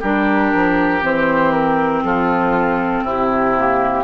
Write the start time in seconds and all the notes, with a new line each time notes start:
0.00 G3 D4 G4 A#4
0.54 F3
1.02 E3 C4 C5
1.52 A#4
2.04 F3 F4 A4
3.03 C3 E4 G4
3.57 A#3